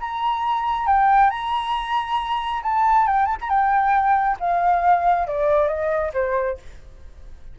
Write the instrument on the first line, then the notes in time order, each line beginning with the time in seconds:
flute
0.00 A#5
0.86 G5
1.30 A#5
2.63 A5
3.07 G5
3.26 A5
3.41 A#5
3.49 G5
4.40 F5
5.27 D5
5.68 D#5
6.13 C5